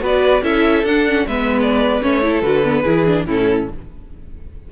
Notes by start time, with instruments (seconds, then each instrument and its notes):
0.00 cello B3, viola F#4, violin B4
0.06 violin D5
0.43 cello C#4, viola E4, violin A4 E5
0.84 cello D4, viola D4, violin F#5
1.08 viola C#4
1.27 cello G#3, viola B3, violin B4 E5
1.63 violin D5
2.02 cello A3, viola C#4, violin C#5
2.22 viola E4, violin A4
2.42 cello D3, viola F#4, violin B4
2.65 viola B3
2.85 cello E3, viola E4, violin G#4
3.06 viola D4
3.26 cello A2, viola C#4, violin E4 A4